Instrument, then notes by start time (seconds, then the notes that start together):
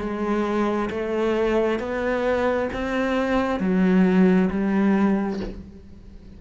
cello
0.00 G#3
0.90 A3
1.80 B3
2.73 C4
3.60 F#3
4.51 G3